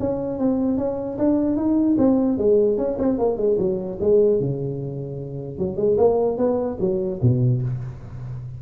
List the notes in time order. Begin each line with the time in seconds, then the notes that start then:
0.00 C#4
0.39 C4
0.78 C#4
1.18 D4
1.57 D#4
1.98 C4
2.38 G#3
2.78 C#4
2.99 C4
3.19 A#3
3.38 G#3
3.59 F#3
4.01 G#3
4.40 C#3
5.59 F#3
5.77 G#3
5.98 A#3
6.38 B3
6.81 F#3
7.22 B2